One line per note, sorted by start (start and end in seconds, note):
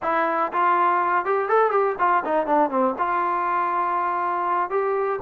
0.02 0.51 E4
0.52 1.25 F4
1.25 1.48 G4
1.48 1.70 A4
1.70 1.95 G4
1.98 2.23 F4
2.24 2.46 D#4
2.46 2.70 D4
2.70 2.94 C4
2.98 4.70 F4
4.70 5.19 G4